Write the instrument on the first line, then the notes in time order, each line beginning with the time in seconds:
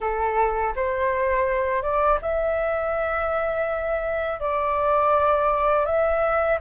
flute
0.00 A4
0.75 C5
1.82 D5
2.21 E5
4.39 D5
5.85 E5